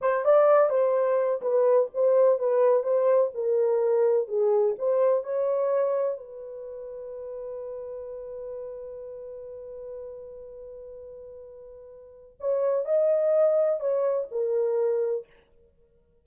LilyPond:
\new Staff \with { instrumentName = "horn" } { \time 4/4 \tempo 4 = 126 c''8 d''4 c''4. b'4 | c''4 b'4 c''4 ais'4~ | ais'4 gis'4 c''4 cis''4~ | cis''4 b'2.~ |
b'1~ | b'1~ | b'2 cis''4 dis''4~ | dis''4 cis''4 ais'2 | }